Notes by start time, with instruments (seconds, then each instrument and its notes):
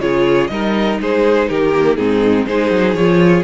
0.00 cello C#3, viola F4, violin G#4 C#5
0.47 cello G3, viola D#4, violin A#4 D#5
1.00 cello G#3, violin G#4 C5
1.49 cello D#3, violin G4 A#4
1.72 viola A#3
1.96 cello G#2, viola C4, violin D#4 G#4
2.46 cello G#3, viola D#4, violin G#4 C5
2.70 cello F#3
2.94 cello F3, viola F4, violin C#5